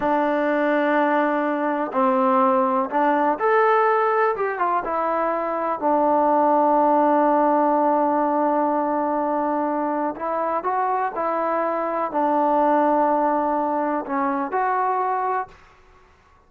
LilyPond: \new Staff \with { instrumentName = "trombone" } { \time 4/4 \tempo 4 = 124 d'1 | c'2 d'4 a'4~ | a'4 g'8 f'8 e'2 | d'1~ |
d'1~ | d'4 e'4 fis'4 e'4~ | e'4 d'2.~ | d'4 cis'4 fis'2 | }